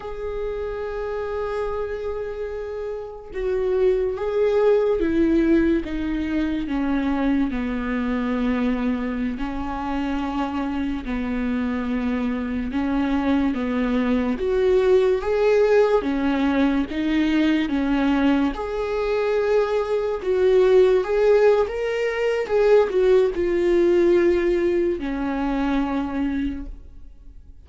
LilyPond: \new Staff \with { instrumentName = "viola" } { \time 4/4 \tempo 4 = 72 gis'1 | fis'4 gis'4 e'4 dis'4 | cis'4 b2~ b16 cis'8.~ | cis'4~ cis'16 b2 cis'8.~ |
cis'16 b4 fis'4 gis'4 cis'8.~ | cis'16 dis'4 cis'4 gis'4.~ gis'16~ | gis'16 fis'4 gis'8. ais'4 gis'8 fis'8 | f'2 cis'2 | }